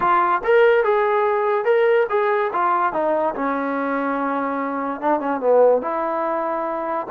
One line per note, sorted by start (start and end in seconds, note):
0.00 0.41 F4
0.44 0.84 A#4
0.84 1.65 G#4
1.65 2.06 A#4
2.09 2.51 G#4
2.52 2.92 F4
2.92 3.34 D#4
3.34 5.00 C#4
5.00 5.20 D4
5.20 5.40 C#4
5.40 5.81 B3
5.81 7.06 E4